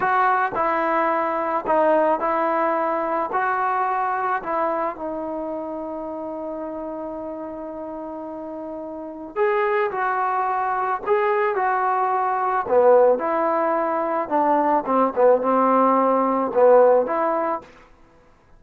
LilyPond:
\new Staff \with { instrumentName = "trombone" } { \time 4/4 \tempo 4 = 109 fis'4 e'2 dis'4 | e'2 fis'2 | e'4 dis'2.~ | dis'1~ |
dis'4 gis'4 fis'2 | gis'4 fis'2 b4 | e'2 d'4 c'8 b8 | c'2 b4 e'4 | }